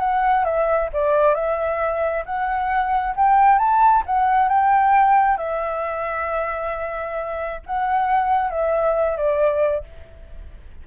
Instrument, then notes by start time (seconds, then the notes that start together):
flute
0.00 F#5
0.45 E5
0.93 D5
1.35 E5
2.25 F#5
3.16 G5
3.58 A5
4.06 F#5
4.49 G5
5.38 E5
7.66 F#5
8.50 E5
9.17 D5